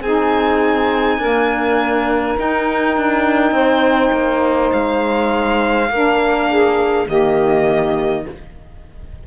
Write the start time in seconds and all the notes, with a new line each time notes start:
0.00 C4 D#4 G#4 G#5
1.18 A#3 D4 A#4
2.36 D#4 G5
2.97 D4
3.51 C4 C5
4.12 A#3
4.72 G#3 F5
5.89 A#3 D4 A#4
6.50 G#4
7.06 D#3 A#3 G4 D#5